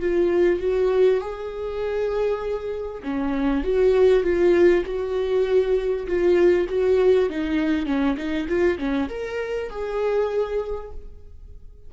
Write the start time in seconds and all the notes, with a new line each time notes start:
0.00 F4
0.60 F#4
1.20 G#4
3.03 C#4
3.64 F#4
4.23 F4
4.85 F#4
6.07 F4
6.69 F#4
7.29 D#4
7.86 C#4
8.17 D#4
8.48 F4
8.78 C#4
9.09 A#4
9.69 G#4